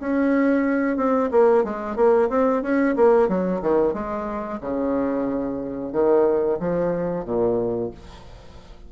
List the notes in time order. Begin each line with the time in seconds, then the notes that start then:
0.00 C#4
0.97 C4
1.31 A#3
1.64 G#3
1.96 A#3
2.29 C4
2.63 C#4
2.96 A#3
3.28 F#3
3.61 D#3
3.94 G#3
4.61 C#3
5.92 D#3
6.60 F3
7.25 A#2